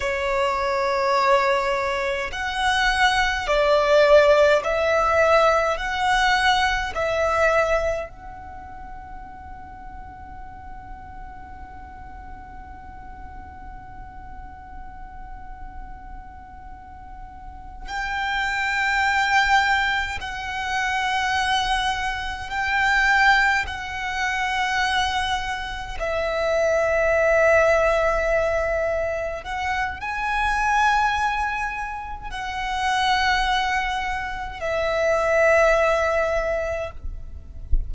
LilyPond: \new Staff \with { instrumentName = "violin" } { \time 4/4 \tempo 4 = 52 cis''2 fis''4 d''4 | e''4 fis''4 e''4 fis''4~ | fis''1~ | fis''2.~ fis''8 g''8~ |
g''4. fis''2 g''8~ | g''8 fis''2 e''4.~ | e''4. fis''8 gis''2 | fis''2 e''2 | }